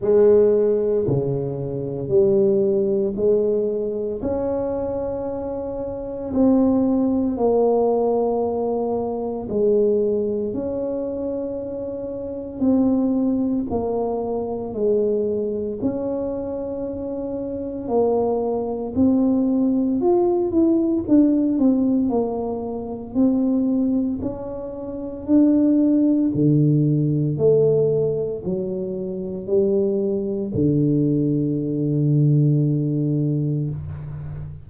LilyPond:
\new Staff \with { instrumentName = "tuba" } { \time 4/4 \tempo 4 = 57 gis4 cis4 g4 gis4 | cis'2 c'4 ais4~ | ais4 gis4 cis'2 | c'4 ais4 gis4 cis'4~ |
cis'4 ais4 c'4 f'8 e'8 | d'8 c'8 ais4 c'4 cis'4 | d'4 d4 a4 fis4 | g4 d2. | }